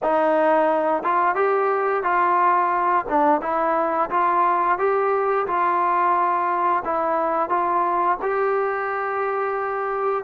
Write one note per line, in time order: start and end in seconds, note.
0.02 1.03 D#4
1.03 1.35 F4
1.35 2.03 G4
2.03 3.05 F4
3.08 3.41 D4
3.41 4.09 E4
4.10 4.78 F4
4.78 5.46 G4
5.46 6.83 F4
6.84 7.49 E4
7.49 8.17 F4
8.22 10.23 G4